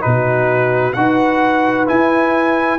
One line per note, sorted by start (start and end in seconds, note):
0.00 0.96 B2
0.00 0.92 D#4
0.00 0.97 F#4
0.00 0.93 B4
0.93 1.88 D#4
0.93 1.86 F#4
0.93 2.78 B4
0.93 1.85 F#5
1.86 2.78 E4
1.86 2.78 G#5